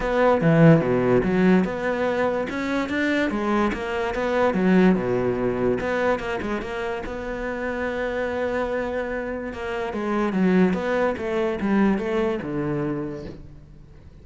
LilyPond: \new Staff \with { instrumentName = "cello" } { \time 4/4 \tempo 4 = 145 b4 e4 b,4 fis4 | b2 cis'4 d'4 | gis4 ais4 b4 fis4 | b,2 b4 ais8 gis8 |
ais4 b2.~ | b2. ais4 | gis4 fis4 b4 a4 | g4 a4 d2 | }